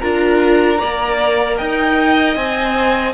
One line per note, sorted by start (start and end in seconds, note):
0.00 0.81 D4
0.00 0.79 F4
0.00 0.78 A#4
0.00 1.58 A#5
0.78 1.60 A#3
0.78 2.37 A#4
0.78 1.57 D5
1.58 2.36 D#4
1.58 3.14 D#5
1.58 2.37 G5
2.36 3.14 C4
2.36 3.14 C5
2.36 3.14 G#5